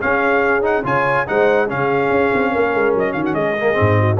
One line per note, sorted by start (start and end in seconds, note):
0.00 0.62 C#4
0.00 0.84 C#4
0.00 0.85 G#4
0.00 0.64 F5
0.62 0.83 D#4
0.62 0.86 F#5
0.84 1.26 C#3
0.84 1.26 F4
0.84 1.27 C#5
0.84 1.28 G#5
1.26 1.71 G#3
1.26 1.68 D#4
1.26 1.67 C5
1.26 1.70 F#5
1.67 2.10 C#3
1.67 3.57 C#4
1.67 2.51 G#4
1.67 2.96 F5
2.10 2.31 C#4
2.34 2.55 C4
2.51 2.74 A#3
2.51 3.14 A#4
2.74 2.94 G#3
2.94 3.15 F#3
2.94 3.13 D#5
3.13 3.34 D#3
3.13 3.37 F#4
3.13 3.23 F5
3.26 3.35 F#5
3.34 3.76 G#3
3.34 4.00 G#4
3.34 4.18 D#5
3.60 3.74 A#3
3.74 4.16 C4
3.80 4.20 G#2
4.00 4.20 F#4